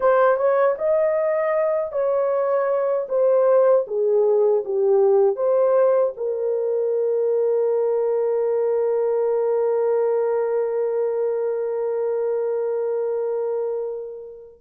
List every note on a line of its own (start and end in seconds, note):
0.00 0.36 C5
0.36 0.75 C#5
0.78 1.92 D#5
1.92 3.07 C#5
3.08 3.85 C5
3.87 4.64 G#4
4.64 5.36 G4
5.36 6.13 C5
6.16 14.61 A#4